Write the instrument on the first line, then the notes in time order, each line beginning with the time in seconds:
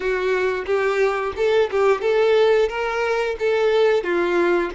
violin
0.00 F#4
0.66 G4
1.36 A4
1.70 G4
2.01 A4
2.68 A#4
3.39 A4
4.03 F4